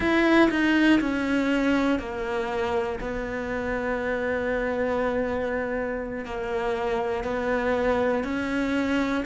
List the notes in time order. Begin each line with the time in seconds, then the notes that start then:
0.00 E4
0.50 D#4
1.00 C#4
1.99 A#3
3.00 B3
6.25 A#3
7.24 B3
8.24 C#4